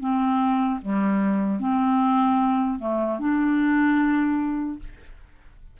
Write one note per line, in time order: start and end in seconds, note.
0.00 0.80 C4
0.81 1.60 G3
1.60 2.79 C4
2.79 3.19 A3
3.19 4.79 D4